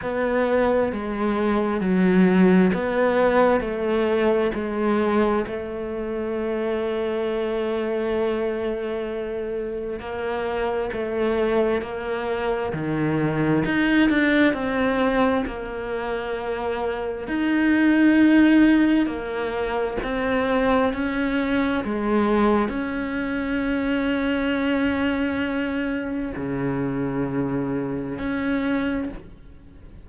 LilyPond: \new Staff \with { instrumentName = "cello" } { \time 4/4 \tempo 4 = 66 b4 gis4 fis4 b4 | a4 gis4 a2~ | a2. ais4 | a4 ais4 dis4 dis'8 d'8 |
c'4 ais2 dis'4~ | dis'4 ais4 c'4 cis'4 | gis4 cis'2.~ | cis'4 cis2 cis'4 | }